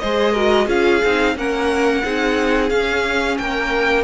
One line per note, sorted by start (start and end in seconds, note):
0.00 0.68 G#3
0.00 0.36 G#4
0.00 0.32 C5
0.00 0.67 D#5
0.32 0.68 F#4
0.32 0.66 A#4
0.67 1.02 C#4
0.67 1.02 F4
0.67 1.34 G#4
0.67 1.37 F5
1.05 1.36 C4
1.05 1.37 D#4
1.36 2.03 A#3
1.36 2.04 C#4
1.36 2.05 A#4
1.36 2.70 F#5
2.04 2.71 C4
2.04 2.70 D#4
2.04 3.40 G#4
2.70 4.04 C#4
2.70 3.39 C#4
2.70 3.37 F5
3.38 4.04 A#3
3.38 4.04 A#4
3.38 4.04 G5